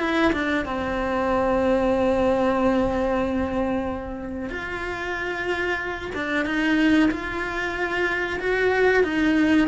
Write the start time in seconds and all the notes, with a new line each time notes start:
0.00 E4
0.33 D4
0.65 C4
4.50 F4
6.15 D4
6.45 D#4
7.11 F4
8.40 F#4
9.04 D#4